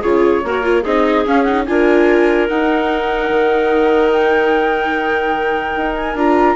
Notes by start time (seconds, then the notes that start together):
0.00 C#3 F4 G#4 C#5
0.43 A#3 F#4 A#4
0.62 F4
0.82 C4 D#4 G#4 D#5
1.25 C#4 F5
1.43 D#4 F#5
1.66 D4 F4 A#4 G#5
2.48 D#4 F#5
3.29 D#3
4.11 G5
5.76 D#4
5.95 G#5
6.14 D4 F4 A#5